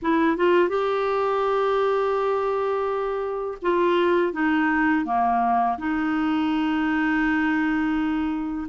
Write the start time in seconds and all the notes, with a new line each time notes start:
0.02 E4
0.36 F4
0.69 G4
3.61 F4
4.32 D#4
5.05 A#3
5.78 D#4